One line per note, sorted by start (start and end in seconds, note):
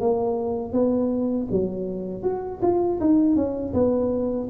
0.00 0.72 A#3
0.72 1.47 B3
1.50 2.23 F#3
2.23 2.60 F#4
2.61 2.99 F4
3.00 3.35 D#4
3.35 3.73 C#4
3.73 4.48 B3